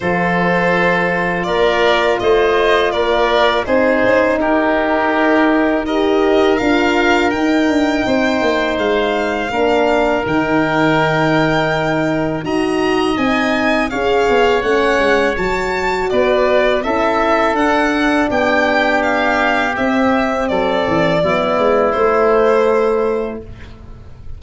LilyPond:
<<
  \new Staff \with { instrumentName = "violin" } { \time 4/4 \tempo 4 = 82 c''2 d''4 dis''4 | d''4 c''4 ais'2 | dis''4 f''4 g''2 | f''2 g''2~ |
g''4 ais''4 gis''4 f''4 | fis''4 a''4 d''4 e''4 | fis''4 g''4 f''4 e''4 | d''2 c''2 | }
  \new Staff \with { instrumentName = "oboe" } { \time 4/4 a'2 ais'4 c''4 | ais'4 gis'4 g'2 | ais'2. c''4~ | c''4 ais'2.~ |
ais'4 dis''2 cis''4~ | cis''2 b'4 a'4~ | a'4 g'2. | a'4 e'2. | }
  \new Staff \with { instrumentName = "horn" } { \time 4/4 f'1~ | f'4 dis'2. | g'4 f'4 dis'2~ | dis'4 d'4 dis'2~ |
dis'4 fis'4 dis'4 gis'4 | cis'4 fis'2 e'4 | d'2. c'4~ | c'4 b4 a2 | }
  \new Staff \with { instrumentName = "tuba" } { \time 4/4 f2 ais4 a4 | ais4 c'8 cis'8 dis'2~ | dis'4 d'4 dis'8 d'8 c'8 ais8 | gis4 ais4 dis2~ |
dis4 dis'4 c'4 cis'8 b8 | a8 gis8 fis4 b4 cis'4 | d'4 b2 c'4 | fis8 e8 fis8 gis8 a2 | }
>>